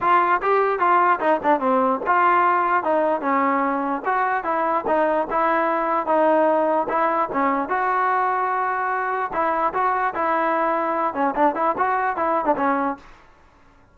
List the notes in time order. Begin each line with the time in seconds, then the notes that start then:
0.00 F4
0.42 G4
0.79 F4
1.20 D#4
1.43 D4
1.60 C4
2.06 F4
2.83 D#4
3.21 C#4
4.05 F#4
4.44 E4
4.87 D#4
5.30 E4
6.06 D#4
6.88 E4
7.32 C#4
7.68 F#4
9.32 E4
9.73 F#4
10.14 E4
11.14 C#4
11.35 D4
11.55 E4
11.77 F#4
12.16 E4
12.45 D4
12.56 C#4